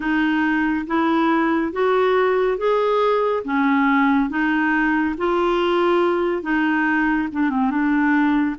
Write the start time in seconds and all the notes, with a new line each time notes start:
0.00 D#4
0.86 E4
1.72 F#4
2.57 G#4
3.44 C#4
4.29 D#4
5.17 F4
6.42 D#4
7.31 D4
7.50 C4
7.70 D4